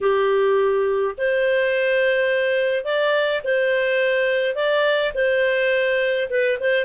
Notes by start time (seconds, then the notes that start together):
0.01 G4
1.17 C5
2.84 D5
3.43 C5
4.55 D5
5.14 C5
6.29 B4
6.59 C5